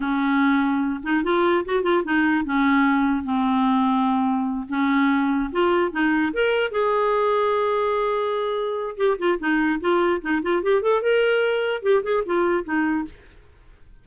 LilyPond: \new Staff \with { instrumentName = "clarinet" } { \time 4/4 \tempo 4 = 147 cis'2~ cis'8 dis'8 f'4 | fis'8 f'8 dis'4 cis'2 | c'2.~ c'8 cis'8~ | cis'4. f'4 dis'4 ais'8~ |
ais'8 gis'2.~ gis'8~ | gis'2 g'8 f'8 dis'4 | f'4 dis'8 f'8 g'8 a'8 ais'4~ | ais'4 g'8 gis'8 f'4 dis'4 | }